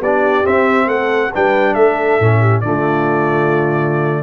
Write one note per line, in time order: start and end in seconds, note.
0.00 0.44 B3
0.00 0.44 D4
0.00 0.87 G4
0.00 0.46 D5
0.44 1.31 C4
0.44 0.87 C4
0.44 0.89 E5
0.87 1.30 A3
0.87 1.32 A4
0.87 1.33 F#5
1.33 1.76 G3
1.33 2.21 D4
1.33 1.75 B4
1.33 1.75 G5
1.75 2.19 A3
1.75 2.40 A4
1.75 2.61 E5
2.19 2.63 A2
2.19 2.64 C#4
2.40 2.62 G4
2.61 4.24 D3
2.61 4.24 A3
2.61 4.24 F4
2.61 4.24 D5